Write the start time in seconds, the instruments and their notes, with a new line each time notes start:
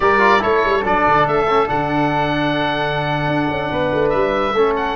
0.00 tuba G3, trombone G4, flute A#4, oboe D5
0.19 trombone F4
0.39 tuba A3, trombone E4, flute A4, oboe C#5
0.64 tuba G3
0.83 tuba F#3, trombone D4, oboe D5
1.06 tuba D3
1.26 tuba A3, oboe E5
1.49 trombone C#4
1.67 tuba D3, trombone D4, oboe F#5
3.27 tuba D4
3.48 tuba C#4
3.70 tuba B3, flute B4
3.93 tuba A3
4.09 tuba G3, oboe E5
4.53 tuba A3, trombone C#4, flute A4
4.76 oboe F#5